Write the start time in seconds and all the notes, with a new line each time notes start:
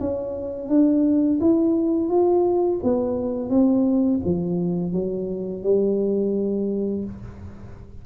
0.00 C#4
0.68 D4
1.40 E4
2.09 F4
2.83 B3
3.49 C4
4.24 F3
4.93 F#3
5.63 G3